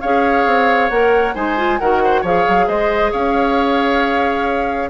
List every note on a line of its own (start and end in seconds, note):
0.00 0.46 C#4
0.00 0.91 G#4
0.00 1.34 C#5
0.00 0.89 F5
0.46 0.90 C4
0.89 1.34 A#3
0.89 1.35 A#4
0.89 1.34 F#5
1.34 1.80 G#3
1.34 1.57 D#4
1.34 1.79 C5
1.34 1.78 G#5
1.57 1.79 F4
1.78 2.23 D#3
1.78 2.25 F#4
1.78 2.02 A#4
1.78 2.23 F#5
2.04 2.21 C5
2.21 2.45 F3
2.21 4.89 G#4
2.21 2.65 C#5
2.21 2.68 F5
2.48 2.67 F#3
2.67 3.12 G#3
2.67 3.11 C5
2.67 3.12 D#5
3.11 4.89 C#4
3.11 4.89 C#5
3.11 4.89 F5